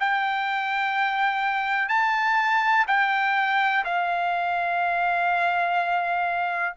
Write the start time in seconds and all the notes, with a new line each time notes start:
0.00 G5
1.89 A5
2.88 G5
3.85 F5